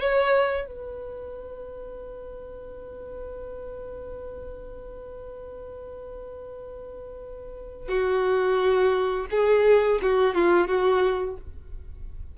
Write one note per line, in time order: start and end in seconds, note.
0.00 0.67 C#5
0.67 7.88 B4
7.88 9.26 F#4
9.31 10.00 G#4
10.02 10.35 F#4
10.35 10.68 F4
10.68 11.37 F#4